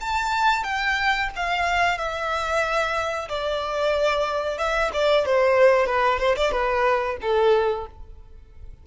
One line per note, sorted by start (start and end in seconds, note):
0.00 0.63 A5
0.63 1.29 G5
1.35 1.97 F5
1.97 3.28 E5
3.28 4.58 D5
4.58 4.90 E5
4.93 5.25 D5
5.25 5.86 C5
5.86 6.19 B4
6.19 6.35 C5
6.36 6.51 D5
6.51 7.16 B4
7.21 7.86 A4